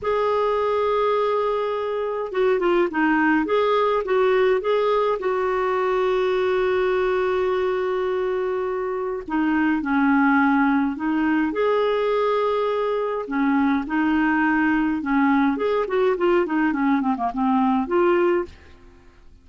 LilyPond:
\new Staff \with { instrumentName = "clarinet" } { \time 4/4 \tempo 4 = 104 gis'1 | fis'8 f'8 dis'4 gis'4 fis'4 | gis'4 fis'2.~ | fis'1 |
dis'4 cis'2 dis'4 | gis'2. cis'4 | dis'2 cis'4 gis'8 fis'8 | f'8 dis'8 cis'8 c'16 ais16 c'4 f'4 | }